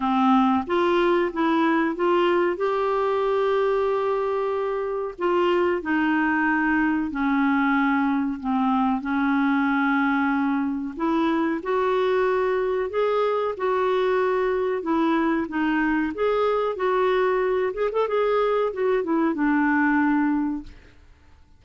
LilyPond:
\new Staff \with { instrumentName = "clarinet" } { \time 4/4 \tempo 4 = 93 c'4 f'4 e'4 f'4 | g'1 | f'4 dis'2 cis'4~ | cis'4 c'4 cis'2~ |
cis'4 e'4 fis'2 | gis'4 fis'2 e'4 | dis'4 gis'4 fis'4. gis'16 a'16 | gis'4 fis'8 e'8 d'2 | }